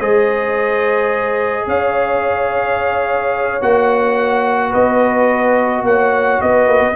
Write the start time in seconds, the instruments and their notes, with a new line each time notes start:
0.00 tuba G#3, trombone G#4, horn C5, trumpet D#5
1.67 tuba C#4, horn C#5, trumpet F5
3.61 tuba A#3, trombone F#4, trumpet F#5
4.69 tuba B3, horn B4, trumpet D#5
5.83 tuba A#3, horn C#5, trumpet F#5
6.41 tuba B3, horn B4, trumpet D#5
6.68 tuba A#3
6.80 tuba B3